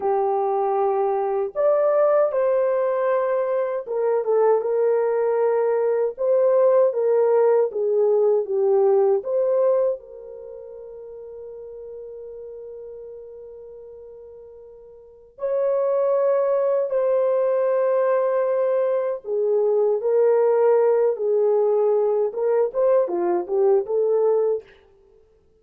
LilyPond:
\new Staff \with { instrumentName = "horn" } { \time 4/4 \tempo 4 = 78 g'2 d''4 c''4~ | c''4 ais'8 a'8 ais'2 | c''4 ais'4 gis'4 g'4 | c''4 ais'2.~ |
ais'1 | cis''2 c''2~ | c''4 gis'4 ais'4. gis'8~ | gis'4 ais'8 c''8 f'8 g'8 a'4 | }